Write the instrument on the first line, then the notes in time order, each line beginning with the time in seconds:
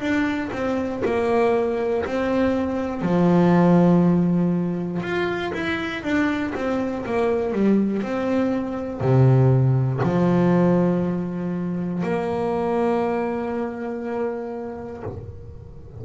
double bass
0.00 D4
0.52 C4
1.05 A#3
2.05 C4
3.02 F3
5.02 F4
5.53 E4
6.03 D4
6.55 C4
7.05 A#3
7.53 G3
8.02 C4
9.00 C3
10.03 F3
12.03 A#3